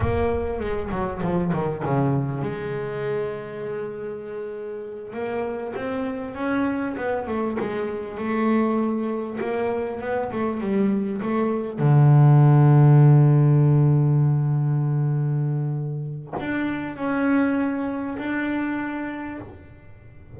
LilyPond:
\new Staff \with { instrumentName = "double bass" } { \time 4/4 \tempo 4 = 99 ais4 gis8 fis8 f8 dis8 cis4 | gis1~ | gis8 ais4 c'4 cis'4 b8 | a8 gis4 a2 ais8~ |
ais8 b8 a8 g4 a4 d8~ | d1~ | d2. d'4 | cis'2 d'2 | }